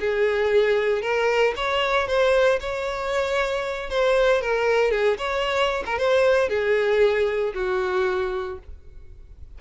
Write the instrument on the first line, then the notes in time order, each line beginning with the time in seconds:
violin
0.00 G#4
1.02 A#4
1.57 C#5
2.08 C5
2.61 C#5
3.90 C5
4.42 A#4
4.92 G#4
5.18 C#5
5.86 A#4
5.99 C5
6.49 G#4
7.55 F#4